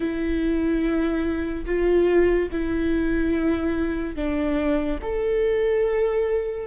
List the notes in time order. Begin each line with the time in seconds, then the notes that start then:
0.00 E4
1.65 F4
2.51 E4
4.15 D4
5.02 A4